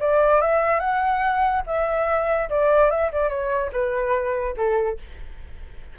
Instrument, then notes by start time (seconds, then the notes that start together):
flute
0.00 D5
0.41 E5
0.80 F#5
1.67 E5
2.49 D5
2.90 E5
3.12 D5
3.29 C#5
3.72 B4
4.57 A4